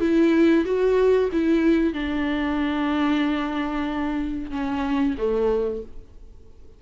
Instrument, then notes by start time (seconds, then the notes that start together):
viola
0.00 E4
0.65 F#4
1.32 E4
1.93 D4
4.51 C#4
5.18 A3